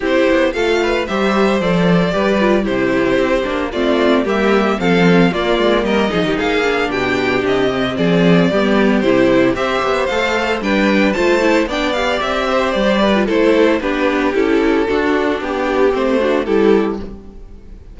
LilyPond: <<
  \new Staff \with { instrumentName = "violin" } { \time 4/4 \tempo 4 = 113 c''4 f''4 e''4 d''4~ | d''4 c''2 d''4 | e''4 f''4 d''4 dis''4 | f''4 g''4 dis''4 d''4~ |
d''4 c''4 e''4 f''4 | g''4 a''4 g''8 f''8 e''4 | d''4 c''4 b'4 a'4~ | a'4 g'4 c''4 a'4 | }
  \new Staff \with { instrumentName = "violin" } { \time 4/4 g'4 a'8 b'8 c''2 | b'4 g'2 f'4 | g'4 a'4 f'4 ais'8 gis'16 g'16 | gis'4 g'2 gis'4 |
g'2 c''2 | b'4 c''4 d''4. c''8~ | c''8 b'8 a'4 g'2 | fis'4 g'4. fis'8 g'4 | }
  \new Staff \with { instrumentName = "viola" } { \time 4/4 e'4 f'4 g'4 a'4 | g'8 f'8 e'4. d'8 c'4 | ais4 c'4 ais4. dis'8~ | dis'8 d'2 c'4. |
b4 e'4 g'4 a'4 | d'4 f'8 e'8 d'8 g'4.~ | g'8. f'16 e'4 d'4 e'4 | d'2 c'8 d'8 e'4 | }
  \new Staff \with { instrumentName = "cello" } { \time 4/4 c'8 b8 a4 g4 f4 | g4 c4 c'8 ais8 a4 | g4 f4 ais8 gis8 g8 f16 dis16 | ais4 b,4 c4 f4 |
g4 c4 c'8 b8 a4 | g4 a4 b4 c'4 | g4 a4 b4 cis'4 | d'4 b4 a4 g4 | }
>>